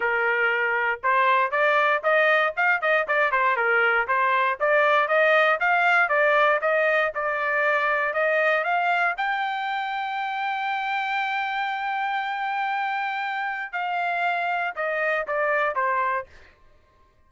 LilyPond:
\new Staff \with { instrumentName = "trumpet" } { \time 4/4 \tempo 4 = 118 ais'2 c''4 d''4 | dis''4 f''8 dis''8 d''8 c''8 ais'4 | c''4 d''4 dis''4 f''4 | d''4 dis''4 d''2 |
dis''4 f''4 g''2~ | g''1~ | g''2. f''4~ | f''4 dis''4 d''4 c''4 | }